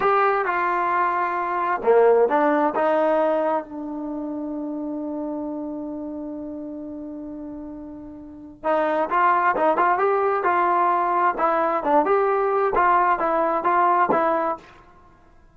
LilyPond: \new Staff \with { instrumentName = "trombone" } { \time 4/4 \tempo 4 = 132 g'4 f'2. | ais4 d'4 dis'2 | d'1~ | d'1~ |
d'2. dis'4 | f'4 dis'8 f'8 g'4 f'4~ | f'4 e'4 d'8 g'4. | f'4 e'4 f'4 e'4 | }